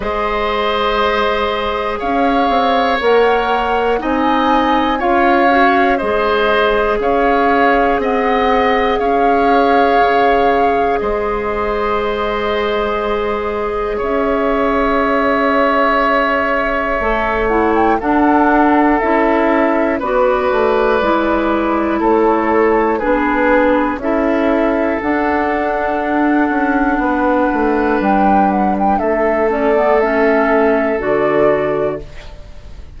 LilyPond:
<<
  \new Staff \with { instrumentName = "flute" } { \time 4/4 \tempo 4 = 60 dis''2 f''4 fis''4 | gis''4 f''4 dis''4 f''4 | fis''4 f''2 dis''4~ | dis''2 e''2~ |
e''4. fis''16 g''16 fis''4 e''4 | d''2 cis''4 b'4 | e''4 fis''2. | g''8 fis''16 g''16 e''8 d''8 e''4 d''4 | }
  \new Staff \with { instrumentName = "oboe" } { \time 4/4 c''2 cis''2 | dis''4 cis''4 c''4 cis''4 | dis''4 cis''2 c''4~ | c''2 cis''2~ |
cis''2 a'2 | b'2 a'4 gis'4 | a'2. b'4~ | b'4 a'2. | }
  \new Staff \with { instrumentName = "clarinet" } { \time 4/4 gis'2. ais'4 | dis'4 f'8 fis'8 gis'2~ | gis'1~ | gis'1~ |
gis'4 a'8 e'8 d'4 e'4 | fis'4 e'2 d'4 | e'4 d'2.~ | d'4. cis'16 b16 cis'4 fis'4 | }
  \new Staff \with { instrumentName = "bassoon" } { \time 4/4 gis2 cis'8 c'8 ais4 | c'4 cis'4 gis4 cis'4 | c'4 cis'4 cis4 gis4~ | gis2 cis'2~ |
cis'4 a4 d'4 cis'4 | b8 a8 gis4 a4 b4 | cis'4 d'4. cis'8 b8 a8 | g4 a2 d4 | }
>>